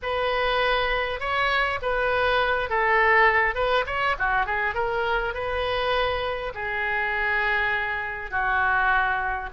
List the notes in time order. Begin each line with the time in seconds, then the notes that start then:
0.02 B4
1.19 C#5
1.82 B4
2.69 A4
3.55 B4
3.86 C#5
4.19 F#4
4.46 G#4
4.74 A#4
5.33 B4
6.54 G#4
8.30 F#4